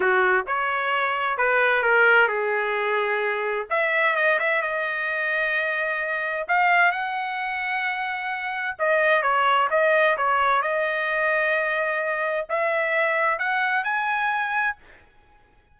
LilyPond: \new Staff \with { instrumentName = "trumpet" } { \time 4/4 \tempo 4 = 130 fis'4 cis''2 b'4 | ais'4 gis'2. | e''4 dis''8 e''8 dis''2~ | dis''2 f''4 fis''4~ |
fis''2. dis''4 | cis''4 dis''4 cis''4 dis''4~ | dis''2. e''4~ | e''4 fis''4 gis''2 | }